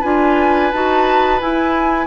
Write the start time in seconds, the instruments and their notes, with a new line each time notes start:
0.00 bassoon D4, clarinet F4, oboe B4, flute G#5
0.71 bassoon D#4, clarinet F#4, flute A5
1.40 clarinet E4, bassoon E4, flute G#5